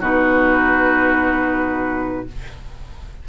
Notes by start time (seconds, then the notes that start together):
0.00 B2 D#4 F#4 B4